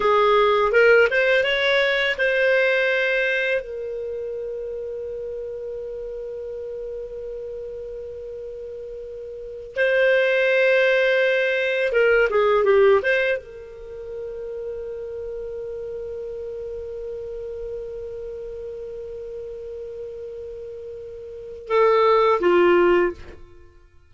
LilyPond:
\new Staff \with { instrumentName = "clarinet" } { \time 4/4 \tempo 4 = 83 gis'4 ais'8 c''8 cis''4 c''4~ | c''4 ais'2.~ | ais'1~ | ais'4. c''2~ c''8~ |
c''8 ais'8 gis'8 g'8 c''8 ais'4.~ | ais'1~ | ais'1~ | ais'2 a'4 f'4 | }